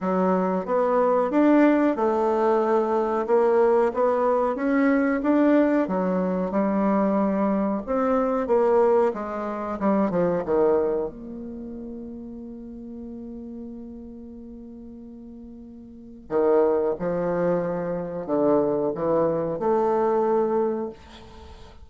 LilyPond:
\new Staff \with { instrumentName = "bassoon" } { \time 4/4 \tempo 4 = 92 fis4 b4 d'4 a4~ | a4 ais4 b4 cis'4 | d'4 fis4 g2 | c'4 ais4 gis4 g8 f8 |
dis4 ais2.~ | ais1~ | ais4 dis4 f2 | d4 e4 a2 | }